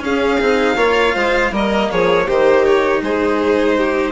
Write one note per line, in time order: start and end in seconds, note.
0.00 0.38 C#4
0.00 0.41 C#4
0.00 0.77 G#4
0.00 1.54 F5
0.41 0.76 C4
0.41 0.78 D#4
0.76 1.14 A#3
0.76 1.53 F4
0.76 1.14 C#5
1.15 1.51 G#3
1.15 1.52 C5
1.51 1.89 G3
1.51 2.27 A#3
1.51 1.90 A#4
1.51 1.91 D#5
1.91 2.29 F3
1.91 2.27 G#4
1.91 2.28 C#5
2.27 3.02 D#3
2.27 4.13 D#4
2.27 3.02 G4
2.27 2.65 C5
2.65 3.03 C#5
3.02 4.13 G#3
3.02 3.78 G#4
3.02 4.13 C5
3.78 4.13 G4